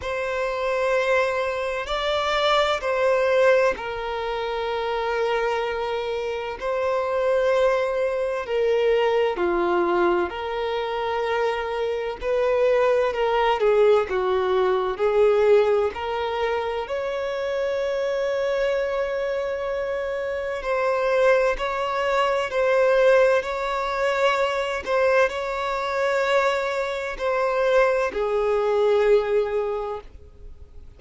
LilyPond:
\new Staff \with { instrumentName = "violin" } { \time 4/4 \tempo 4 = 64 c''2 d''4 c''4 | ais'2. c''4~ | c''4 ais'4 f'4 ais'4~ | ais'4 b'4 ais'8 gis'8 fis'4 |
gis'4 ais'4 cis''2~ | cis''2 c''4 cis''4 | c''4 cis''4. c''8 cis''4~ | cis''4 c''4 gis'2 | }